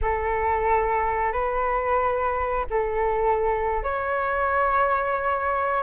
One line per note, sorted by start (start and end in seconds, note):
0.01 1.32 A4
1.32 2.65 B4
2.70 3.83 A4
3.83 5.83 C#5